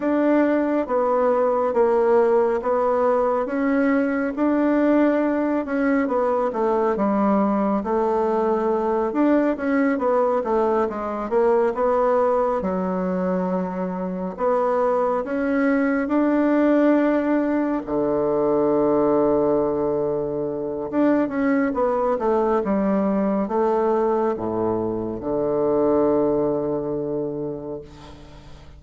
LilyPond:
\new Staff \with { instrumentName = "bassoon" } { \time 4/4 \tempo 4 = 69 d'4 b4 ais4 b4 | cis'4 d'4. cis'8 b8 a8 | g4 a4. d'8 cis'8 b8 | a8 gis8 ais8 b4 fis4.~ |
fis8 b4 cis'4 d'4.~ | d'8 d2.~ d8 | d'8 cis'8 b8 a8 g4 a4 | a,4 d2. | }